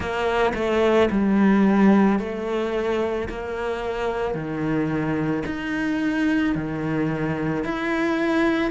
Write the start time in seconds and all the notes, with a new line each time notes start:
0.00 A#3
0.54 A3
1.10 G3
2.19 A3
3.29 A#3
4.34 D#3
5.45 D#4
6.55 D#3
7.64 E4